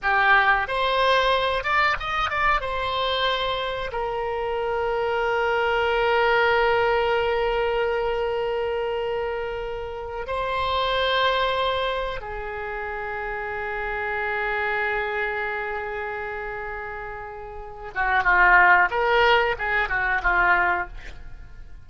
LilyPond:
\new Staff \with { instrumentName = "oboe" } { \time 4/4 \tempo 4 = 92 g'4 c''4. d''8 dis''8 d''8 | c''2 ais'2~ | ais'1~ | ais'2.~ ais'8. c''16~ |
c''2~ c''8. gis'4~ gis'16~ | gis'1~ | gis'2.~ gis'8 fis'8 | f'4 ais'4 gis'8 fis'8 f'4 | }